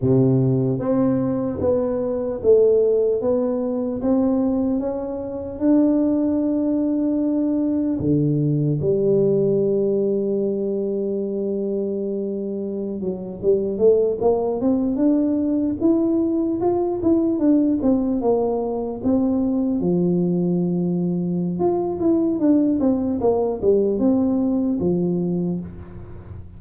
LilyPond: \new Staff \with { instrumentName = "tuba" } { \time 4/4 \tempo 4 = 75 c4 c'4 b4 a4 | b4 c'4 cis'4 d'4~ | d'2 d4 g4~ | g1~ |
g16 fis8 g8 a8 ais8 c'8 d'4 e'16~ | e'8. f'8 e'8 d'8 c'8 ais4 c'16~ | c'8. f2~ f16 f'8 e'8 | d'8 c'8 ais8 g8 c'4 f4 | }